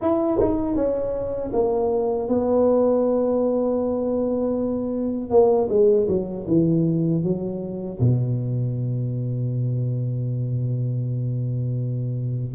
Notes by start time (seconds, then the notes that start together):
0.01 E4
0.40 D#4
0.75 C#4
1.52 A#3
2.28 B3
5.30 A#3
5.69 G#3
6.08 F#3
6.47 E3
7.23 F#3
8.00 B2